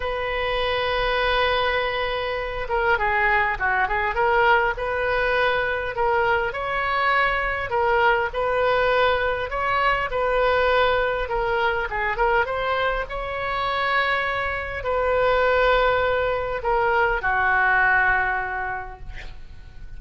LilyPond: \new Staff \with { instrumentName = "oboe" } { \time 4/4 \tempo 4 = 101 b'1~ | b'8 ais'8 gis'4 fis'8 gis'8 ais'4 | b'2 ais'4 cis''4~ | cis''4 ais'4 b'2 |
cis''4 b'2 ais'4 | gis'8 ais'8 c''4 cis''2~ | cis''4 b'2. | ais'4 fis'2. | }